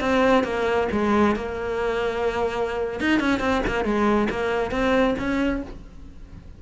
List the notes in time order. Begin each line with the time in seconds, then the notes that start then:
0.00 C4
0.44 A#3
0.92 G#3
1.36 A#3
3.00 D#4
3.20 C#4
3.40 C4
3.67 A#3
3.84 G#3
4.30 A#3
4.71 C4
5.18 C#4